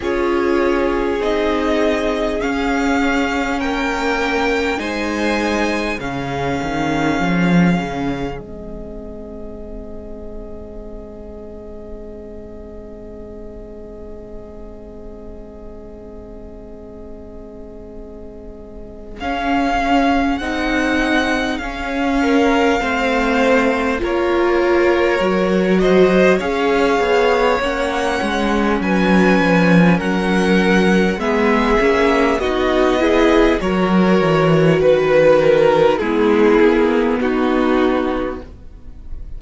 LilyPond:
<<
  \new Staff \with { instrumentName = "violin" } { \time 4/4 \tempo 4 = 50 cis''4 dis''4 f''4 g''4 | gis''4 f''2 dis''4~ | dis''1~ | dis''1 |
f''4 fis''4 f''2 | cis''4. dis''8 f''4 fis''4 | gis''4 fis''4 e''4 dis''4 | cis''4 b'8 ais'8 gis'4 fis'4 | }
  \new Staff \with { instrumentName = "violin" } { \time 4/4 gis'2. ais'4 | c''4 gis'2.~ | gis'1~ | gis'1~ |
gis'2~ gis'8 ais'8 c''4 | ais'4. c''8 cis''2 | b'4 ais'4 gis'4 fis'8 gis'8 | ais'4 b'4 e'4 dis'4 | }
  \new Staff \with { instrumentName = "viola" } { \time 4/4 f'4 dis'4 cis'2 | dis'4 cis'2 c'4~ | c'1~ | c'1 |
cis'4 dis'4 cis'4 c'4 | f'4 fis'4 gis'4 cis'4~ | cis'2 b8 cis'8 dis'8 e'8 | fis'2 b2 | }
  \new Staff \with { instrumentName = "cello" } { \time 4/4 cis'4 c'4 cis'4 ais4 | gis4 cis8 dis8 f8 cis8 gis4~ | gis1~ | gis1 |
cis'4 c'4 cis'4 a4 | ais4 fis4 cis'8 b8 ais8 gis8 | fis8 f8 fis4 gis8 ais8 b4 | fis8 e8 dis4 gis8 ais8 b4 | }
>>